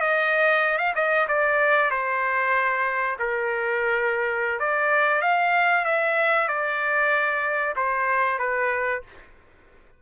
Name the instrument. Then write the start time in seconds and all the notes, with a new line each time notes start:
trumpet
0.00 D#5
0.78 F5
0.95 D#5
1.28 D5
1.90 C5
3.19 A#4
4.59 D5
5.21 F5
5.84 E5
6.48 D5
7.76 C5
8.39 B4